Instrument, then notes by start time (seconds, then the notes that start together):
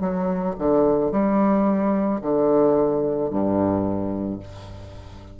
bassoon
0.00 F#3
0.59 D3
1.12 G3
2.21 D3
3.30 G2